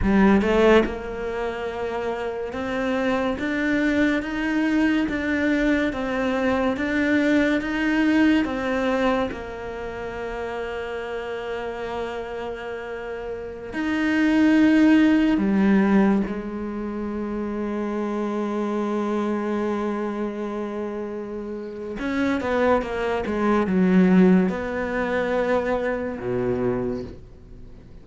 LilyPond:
\new Staff \with { instrumentName = "cello" } { \time 4/4 \tempo 4 = 71 g8 a8 ais2 c'4 | d'4 dis'4 d'4 c'4 | d'4 dis'4 c'4 ais4~ | ais1~ |
ais16 dis'2 g4 gis8.~ | gis1~ | gis2 cis'8 b8 ais8 gis8 | fis4 b2 b,4 | }